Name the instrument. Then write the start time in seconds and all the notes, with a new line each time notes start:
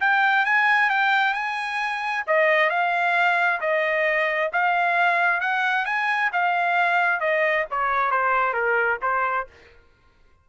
trumpet
0.00 G5
0.45 G#5
0.89 G5
1.33 G#5
2.27 D#5
2.70 F5
3.60 D#5
4.53 F5
5.40 F#5
5.85 G#5
6.32 F5
7.20 D#5
7.70 C#5
8.11 C5
8.53 A#4
9.02 C5